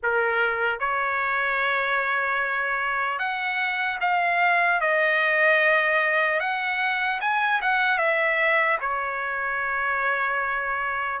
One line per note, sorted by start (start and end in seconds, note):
0.03 0.79 A#4
0.79 3.19 C#5
3.19 3.99 F#5
4.00 4.80 F5
4.80 6.40 D#5
6.40 7.20 F#5
7.20 7.60 G#5
7.61 7.98 F#5
7.98 8.78 E5
8.80 11.20 C#5